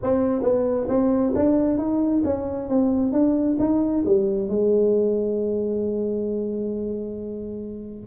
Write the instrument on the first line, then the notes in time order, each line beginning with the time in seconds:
tuba
0.02 C4
0.42 B3
0.88 C4
1.35 D4
1.78 D#4
2.24 C#4
2.68 C4
3.12 D4
3.59 D#4
4.05 G3
4.48 G#3